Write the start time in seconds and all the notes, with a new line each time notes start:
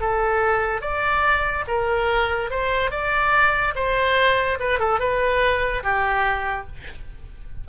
0.00 A4
0.81 D5
1.67 A#4
2.50 C5
2.90 D5
3.75 C5
4.59 B4
4.79 A4
4.99 B4
5.83 G4